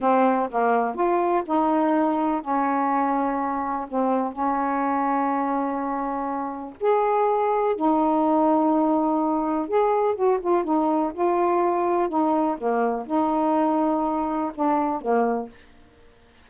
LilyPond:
\new Staff \with { instrumentName = "saxophone" } { \time 4/4 \tempo 4 = 124 c'4 ais4 f'4 dis'4~ | dis'4 cis'2. | c'4 cis'2.~ | cis'2 gis'2 |
dis'1 | gis'4 fis'8 f'8 dis'4 f'4~ | f'4 dis'4 ais4 dis'4~ | dis'2 d'4 ais4 | }